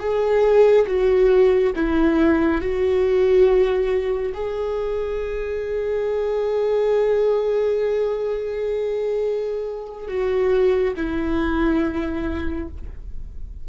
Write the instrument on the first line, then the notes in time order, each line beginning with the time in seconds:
viola
0.00 G#4
0.87 F#4
1.76 E4
2.61 F#4
4.34 G#4
10.08 F#4
10.97 E4